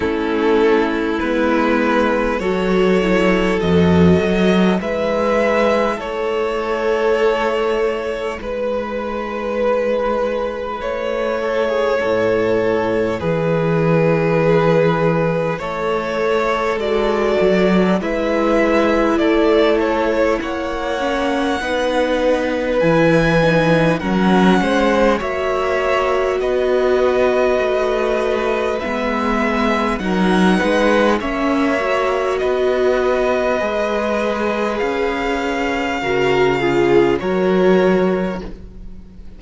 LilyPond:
<<
  \new Staff \with { instrumentName = "violin" } { \time 4/4 \tempo 4 = 50 a'4 b'4 cis''4 dis''4 | e''4 cis''2 b'4~ | b'4 cis''2 b'4~ | b'4 cis''4 d''4 e''4 |
d''8 cis''8 fis''2 gis''4 | fis''4 e''4 dis''2 | e''4 fis''4 e''4 dis''4~ | dis''4 f''2 cis''4 | }
  \new Staff \with { instrumentName = "violin" } { \time 4/4 e'2 a'2 | b'4 a'2 b'4~ | b'4. a'16 gis'16 a'4 gis'4~ | gis'4 a'2 b'4 |
a'4 cis''4 b'2 | ais'8 c''8 cis''4 b'2~ | b'4 ais'8 b'8 cis''4 b'4~ | b'2 ais'8 gis'8 ais'4 | }
  \new Staff \with { instrumentName = "viola" } { \time 4/4 cis'4 b4 fis'8 e'8 fis'4 | e'1~ | e'1~ | e'2 fis'4 e'4~ |
e'4. cis'8 dis'4 e'8 dis'8 | cis'4 fis'2. | b4 dis'4 cis'8 fis'4. | gis'2 fis'8 f'8 fis'4 | }
  \new Staff \with { instrumentName = "cello" } { \time 4/4 a4 gis4 fis4 f,8 fis8 | gis4 a2 gis4~ | gis4 a4 a,4 e4~ | e4 a4 gis8 fis8 gis4 |
a4 ais4 b4 e4 | fis8 gis8 ais4 b4 a4 | gis4 fis8 gis8 ais4 b4 | gis4 cis'4 cis4 fis4 | }
>>